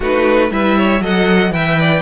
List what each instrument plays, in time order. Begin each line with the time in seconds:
0.00 cello A3, viola D#4, violin F#4 B4
0.50 cello G3, viola E4, violin B4 E5
0.77 violin C#5
1.00 cello F#3, viola A4, violin D#5 F#5
1.50 cello E3, viola B4, violin E5 G5
1.80 violin D5